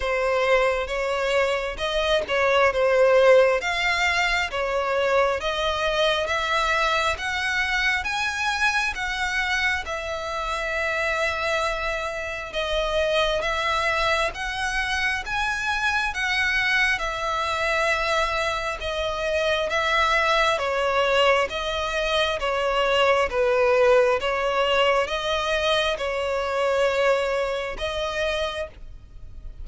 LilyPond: \new Staff \with { instrumentName = "violin" } { \time 4/4 \tempo 4 = 67 c''4 cis''4 dis''8 cis''8 c''4 | f''4 cis''4 dis''4 e''4 | fis''4 gis''4 fis''4 e''4~ | e''2 dis''4 e''4 |
fis''4 gis''4 fis''4 e''4~ | e''4 dis''4 e''4 cis''4 | dis''4 cis''4 b'4 cis''4 | dis''4 cis''2 dis''4 | }